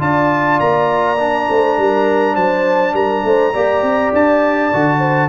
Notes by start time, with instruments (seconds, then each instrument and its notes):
0.00 tuba D4, trombone F4, horn D5, trumpet A5
0.60 tuba A#3, trumpet A#5
1.19 trombone D4
1.50 tuba A3, horn C5
1.78 tuba G3, horn A#4
2.35 tuba F#3, horn C5, trumpet A5
2.94 tuba G3, horn A#4, trumpet A#5
3.24 tuba A3, horn C5
3.53 tuba A#3, trombone G4, horn D5
3.83 tuba C4
4.13 tuba D4, trumpet A5
4.73 tuba D3, trombone F#4
4.99 horn C5